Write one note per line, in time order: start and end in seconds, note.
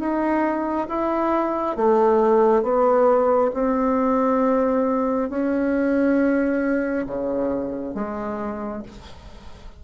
0.00 0.88 D#4
0.89 1.77 E4
1.77 2.63 A3
2.63 3.51 B3
3.54 5.30 C4
5.30 7.06 C#4
7.07 7.95 C#3
7.95 8.83 G#3